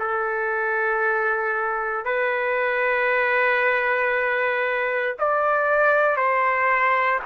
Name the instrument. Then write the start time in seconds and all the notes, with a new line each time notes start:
trumpet
0.00 A4
2.05 B4
5.20 D5
6.17 C5